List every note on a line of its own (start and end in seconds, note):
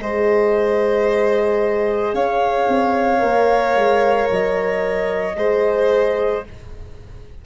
0.00 2.14 G#3
0.00 3.19 G#4
0.00 2.15 C5
0.00 2.15 D#5
2.14 2.68 C#4
2.14 5.36 C#5
2.14 4.29 F5
2.69 3.22 C4
3.19 3.76 A#3
3.19 5.34 A#4
3.76 4.29 G#3
4.31 5.37 F#3
4.31 6.46 D#5
5.37 6.44 G#3
5.37 6.44 G#4
5.37 6.45 C5